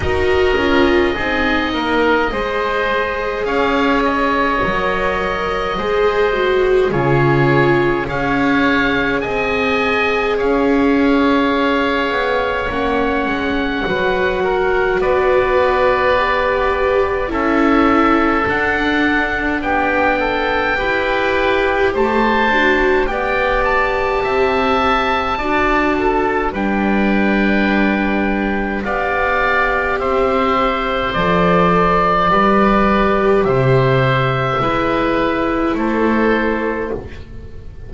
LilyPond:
<<
  \new Staff \with { instrumentName = "oboe" } { \time 4/4 \tempo 4 = 52 dis''2. f''8 dis''8~ | dis''2 cis''4 f''4 | gis''4 f''2 fis''4~ | fis''4 d''2 e''4 |
fis''4 g''2 a''4 | g''8 a''2~ a''8 g''4~ | g''4 f''4 e''4 d''4~ | d''4 e''2 c''4 | }
  \new Staff \with { instrumentName = "oboe" } { \time 4/4 ais'4 gis'8 ais'8 c''4 cis''4~ | cis''4 c''4 gis'4 cis''4 | dis''4 cis''2. | b'8 ais'8 b'2 a'4~ |
a'4 g'8 a'8 b'4 c''4 | d''4 e''4 d''8 a'8 b'4~ | b'4 d''4 c''2 | b'4 c''4 b'4 a'4 | }
  \new Staff \with { instrumentName = "viola" } { \time 4/4 fis'8 f'8 dis'4 gis'2 | ais'4 gis'8 fis'8 f'4 gis'4~ | gis'2. cis'4 | fis'2 g'4 e'4 |
d'2 g'4. fis'8 | g'2 fis'4 d'4~ | d'4 g'2 a'4 | g'2 e'2 | }
  \new Staff \with { instrumentName = "double bass" } { \time 4/4 dis'8 cis'8 c'8 ais8 gis4 cis'4 | fis4 gis4 cis4 cis'4 | c'4 cis'4. b8 ais8 gis8 | fis4 b2 cis'4 |
d'4 b4 e'4 a8 d'8 | b4 c'4 d'4 g4~ | g4 b4 c'4 f4 | g4 c4 gis4 a4 | }
>>